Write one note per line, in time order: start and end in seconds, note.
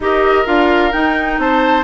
0.00 0.45 D#4
0.00 0.45 G4
0.00 1.41 A#4
0.00 0.46 D#5
0.45 0.93 D4
0.45 0.92 F4
0.45 0.92 F5
0.92 1.83 D#4
0.92 1.38 D#4
0.92 1.38 G5
1.38 1.83 C4
1.38 1.83 C5
1.38 1.83 A5